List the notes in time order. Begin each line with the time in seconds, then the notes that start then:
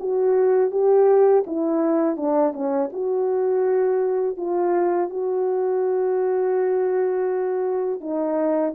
0.00 F#4
0.71 G4
1.47 E4
2.17 D4
2.53 C#4
2.93 F#4
4.37 F4
5.10 F#4
8.01 D#4